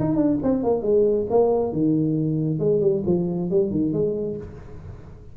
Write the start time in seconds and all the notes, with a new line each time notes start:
0.00 D#4
0.16 D4
0.43 C4
0.64 A#3
0.83 G#3
1.31 A#3
1.73 D#3
2.60 G#3
2.81 G3
3.06 F3
3.51 G3
3.71 D#3
3.93 G#3